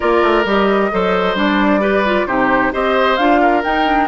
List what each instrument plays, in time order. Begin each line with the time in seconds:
0.00 bassoon A#3, clarinet F4, oboe A#4, flute D5
0.22 bassoon A3
0.45 bassoon G3, clarinet G4, flute D#5
0.91 bassoon F#3, clarinet A4, oboe C5
1.34 bassoon G3, clarinet D4, flute D5
1.80 clarinet G4, oboe B4
2.05 clarinet F4
2.26 bassoon C3, clarinet D#4, oboe G4, flute C5
2.72 bassoon C4, clarinet G4, oboe C5, flute D#5
3.16 bassoon D4, clarinet F4, flute F5
3.41 oboe A#4
3.63 clarinet D#4, bassoon D#4, flute G5
3.85 clarinet D4